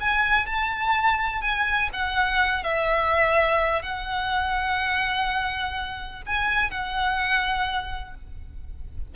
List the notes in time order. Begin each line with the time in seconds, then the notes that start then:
0.00 G#5
0.46 A5
1.41 G#5
1.93 F#5
2.63 E5
3.82 F#5
6.26 G#5
6.70 F#5